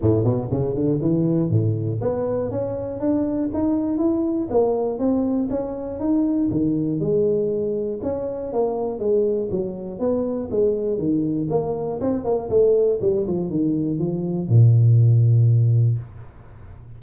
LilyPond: \new Staff \with { instrumentName = "tuba" } { \time 4/4 \tempo 4 = 120 a,8 b,8 cis8 d8 e4 a,4 | b4 cis'4 d'4 dis'4 | e'4 ais4 c'4 cis'4 | dis'4 dis4 gis2 |
cis'4 ais4 gis4 fis4 | b4 gis4 dis4 ais4 | c'8 ais8 a4 g8 f8 dis4 | f4 ais,2. | }